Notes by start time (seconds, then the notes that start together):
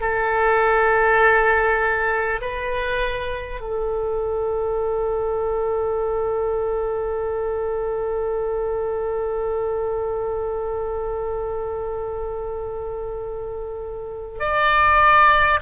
0.00 A4
2.41 B4
3.60 A4
14.39 D5